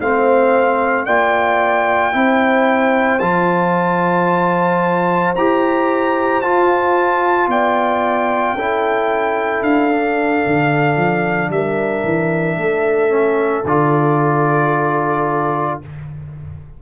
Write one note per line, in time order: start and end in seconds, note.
0.00 1.07 A3
0.00 1.08 C4
0.00 1.06 C5
0.00 1.06 F5
1.06 2.14 A#3
1.06 2.13 F4
1.06 2.14 D5
1.06 3.20 G5
2.13 3.21 C4
2.13 3.20 E4
2.13 7.50 C5
3.20 5.35 F3
3.20 5.36 F4
3.20 5.34 A5
5.36 6.42 E4
5.36 6.43 G4
5.36 6.42 A#5
6.42 7.48 F4
6.42 8.58 F4
6.42 7.49 A5
7.48 8.54 B3
7.48 8.56 D5
7.48 9.63 G5
8.54 9.61 C#4
8.54 9.91 E4
8.54 11.50 A4
9.62 10.43 D4
9.62 11.51 F5
9.91 13.10 D4
10.47 10.96 D3
10.96 11.50 F3
11.50 12.03 G3
11.50 12.59 A#4
11.50 13.66 E5
12.05 12.57 E3
12.57 13.65 A3
12.57 15.81 A4
13.10 13.63 C#4
13.65 15.79 D3
13.65 15.82 F4
13.65 15.81 D5